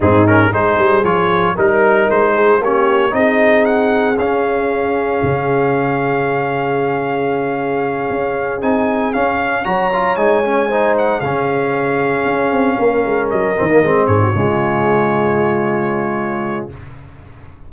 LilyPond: <<
  \new Staff \with { instrumentName = "trumpet" } { \time 4/4 \tempo 4 = 115 gis'8 ais'8 c''4 cis''4 ais'4 | c''4 cis''4 dis''4 fis''4 | f''1~ | f''1~ |
f''8 gis''4 f''4 ais''4 gis''8~ | gis''4 fis''8 f''2~ f''8~ | f''4. dis''4. cis''4~ | cis''1 | }
  \new Staff \with { instrumentName = "horn" } { \time 4/4 dis'4 gis'2 ais'4~ | ais'8 gis'8 g'4 gis'2~ | gis'1~ | gis'1~ |
gis'2~ gis'8 cis''4.~ | cis''8 c''4 gis'2~ gis'8~ | gis'8 ais'2~ ais'8 gis'16 fis'16 f'8~ | f'1 | }
  \new Staff \with { instrumentName = "trombone" } { \time 4/4 c'8 cis'8 dis'4 f'4 dis'4~ | dis'4 cis'4 dis'2 | cis'1~ | cis'1~ |
cis'8 dis'4 cis'4 fis'8 f'8 dis'8 | cis'8 dis'4 cis'2~ cis'8~ | cis'2 c'16 ais16 c'4 gis8~ | gis1 | }
  \new Staff \with { instrumentName = "tuba" } { \time 4/4 gis,4 gis8 g8 f4 g4 | gis4 ais4 c'2 | cis'2 cis2~ | cis2.~ cis8 cis'8~ |
cis'8 c'4 cis'4 fis4 gis8~ | gis4. cis2 cis'8 | c'8 ais8 gis8 fis8 dis8 gis8 gis,8 cis8~ | cis1 | }
>>